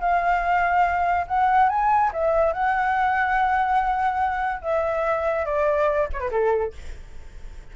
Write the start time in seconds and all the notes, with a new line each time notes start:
0.00 F5
1.27 F#5
1.69 G#5
2.13 E5
2.53 F#5
4.62 E5
5.45 D5
6.13 C#5
6.20 B4
6.31 A4